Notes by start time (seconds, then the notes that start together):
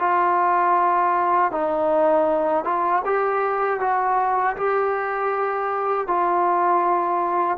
0.00 F4
1.52 D#4
2.65 F4
3.06 G4
3.80 F#4
4.57 G4
6.08 F4